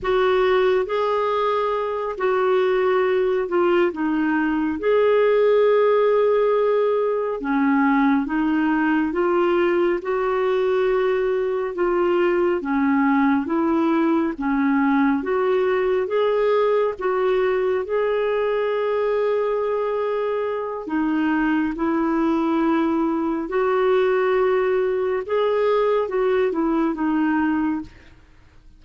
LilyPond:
\new Staff \with { instrumentName = "clarinet" } { \time 4/4 \tempo 4 = 69 fis'4 gis'4. fis'4. | f'8 dis'4 gis'2~ gis'8~ | gis'8 cis'4 dis'4 f'4 fis'8~ | fis'4. f'4 cis'4 e'8~ |
e'8 cis'4 fis'4 gis'4 fis'8~ | fis'8 gis'2.~ gis'8 | dis'4 e'2 fis'4~ | fis'4 gis'4 fis'8 e'8 dis'4 | }